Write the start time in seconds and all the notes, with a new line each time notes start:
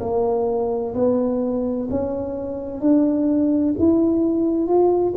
0.00 A#3
0.94 B3
1.90 C#4
2.80 D4
3.78 E4
4.67 F4